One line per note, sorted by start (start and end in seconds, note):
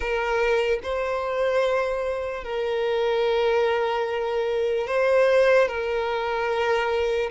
0.00 0.79 A#4
0.83 2.44 C5
2.44 4.87 A#4
4.87 5.68 C5
5.68 7.30 A#4